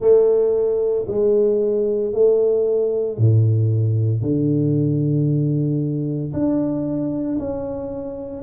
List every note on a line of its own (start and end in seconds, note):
0.00 1.05 A3
1.07 2.12 G#3
2.12 3.18 A3
3.18 4.22 A2
4.22 6.32 D3
6.33 7.38 D4
7.39 8.43 C#4